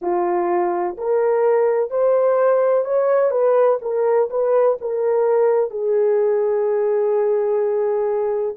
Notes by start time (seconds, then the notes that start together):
0.01 F4
0.97 A#4
1.90 C5
2.84 C#5
3.31 B4
3.81 A#4
4.30 B4
4.81 A#4
5.70 G#4